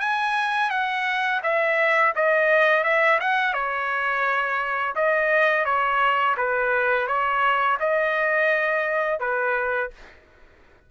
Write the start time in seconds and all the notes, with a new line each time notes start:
0.00 G#5
0.70 F#5
1.43 E5
2.15 D#5
2.84 E5
3.20 F#5
3.53 C#5
4.95 D#5
5.65 C#5
6.37 B4
7.07 C#5
7.80 D#5
9.20 B4